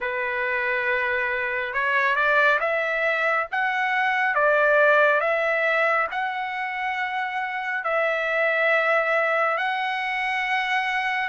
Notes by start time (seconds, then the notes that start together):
0.00 B4
1.74 C#5
2.15 D5
2.60 E5
3.51 F#5
4.34 D5
5.20 E5
6.11 F#5
7.84 E5
9.57 F#5